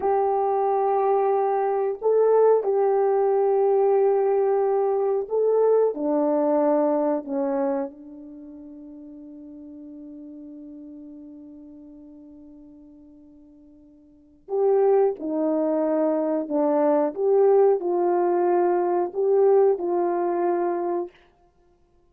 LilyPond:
\new Staff \with { instrumentName = "horn" } { \time 4/4 \tempo 4 = 91 g'2. a'4 | g'1 | a'4 d'2 cis'4 | d'1~ |
d'1~ | d'2 g'4 dis'4~ | dis'4 d'4 g'4 f'4~ | f'4 g'4 f'2 | }